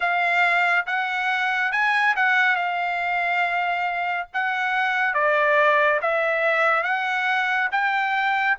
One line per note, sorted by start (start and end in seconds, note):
0.00 0.86 F5
0.86 1.71 F#5
1.71 2.14 G#5
2.16 2.55 F#5
2.55 4.27 F5
4.33 5.14 F#5
5.14 6.00 D5
6.01 6.83 E5
6.83 7.69 F#5
7.71 8.57 G5